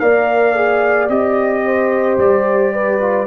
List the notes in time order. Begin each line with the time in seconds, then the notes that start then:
0.00 A#3 A#4 D5 F5
0.56 G#4
1.09 C4 G4 D#5
1.66 C5
2.18 G3 D5
2.73 B4
3.01 F4